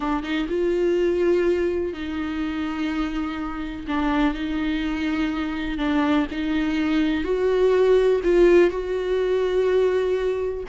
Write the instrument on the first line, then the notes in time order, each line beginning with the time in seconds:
viola
0.00 D4
0.23 D#4
0.48 F4
1.93 D#4
3.87 D4
4.34 D#4
5.77 D4
6.31 D#4
7.24 F#4
8.23 F4
8.70 F#4